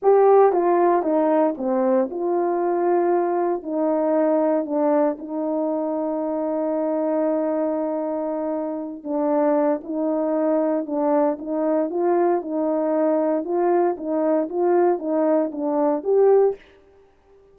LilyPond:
\new Staff \with { instrumentName = "horn" } { \time 4/4 \tempo 4 = 116 g'4 f'4 dis'4 c'4 | f'2. dis'4~ | dis'4 d'4 dis'2~ | dis'1~ |
dis'4. d'4. dis'4~ | dis'4 d'4 dis'4 f'4 | dis'2 f'4 dis'4 | f'4 dis'4 d'4 g'4 | }